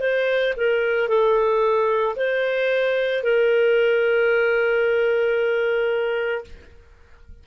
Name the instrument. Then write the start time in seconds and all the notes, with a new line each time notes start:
clarinet
0.00 C5
0.57 A#4
1.09 A4
2.16 C5
3.23 A#4